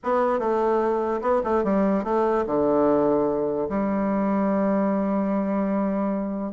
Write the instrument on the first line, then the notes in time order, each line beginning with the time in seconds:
bassoon
0.03 B3
0.39 A3
1.21 B3
1.44 A3
1.63 G3
2.04 A3
2.46 D3
3.69 G3